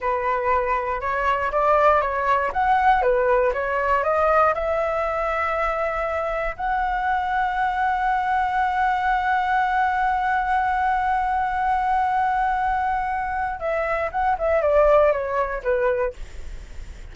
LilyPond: \new Staff \with { instrumentName = "flute" } { \time 4/4 \tempo 4 = 119 b'2 cis''4 d''4 | cis''4 fis''4 b'4 cis''4 | dis''4 e''2.~ | e''4 fis''2.~ |
fis''1~ | fis''1~ | fis''2. e''4 | fis''8 e''8 d''4 cis''4 b'4 | }